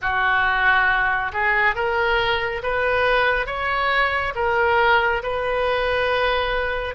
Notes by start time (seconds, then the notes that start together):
0.01 F#4
1.32 G#4
1.75 A#4
2.62 B4
3.46 C#5
4.35 A#4
5.23 B4